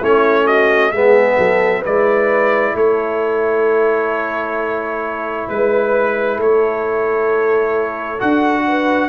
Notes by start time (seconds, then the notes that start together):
0.00 A3 C#4 E4 C#5
0.47 F#4 D#5
0.92 G#3 B3 G#4 E5
1.38 F#3 A4
1.81 G#3 E4 B4 D5
2.74 A3 A4 C#5
5.48 G#3 B4
6.36 A3 A4 C#5
8.19 D4 F#4 F#5
8.67 B4